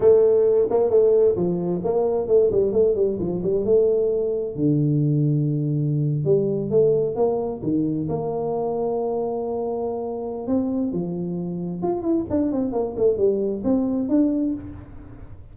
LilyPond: \new Staff \with { instrumentName = "tuba" } { \time 4/4 \tempo 4 = 132 a4. ais8 a4 f4 | ais4 a8 g8 a8 g8 f8 g8 | a2 d2~ | d4.~ d16 g4 a4 ais16~ |
ais8. dis4 ais2~ ais16~ | ais2. c'4 | f2 f'8 e'8 d'8 c'8 | ais8 a8 g4 c'4 d'4 | }